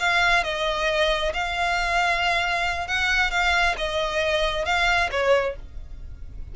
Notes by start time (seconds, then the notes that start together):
0.00 F5
0.44 D#5
1.34 F5
2.88 F#5
3.32 F5
3.78 D#5
4.66 F5
5.12 C#5